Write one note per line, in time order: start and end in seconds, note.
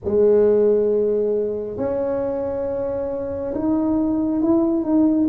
0.04 1.77 G#3
1.77 3.53 C#4
3.54 4.42 D#4
4.42 4.83 E4
4.83 5.27 D#4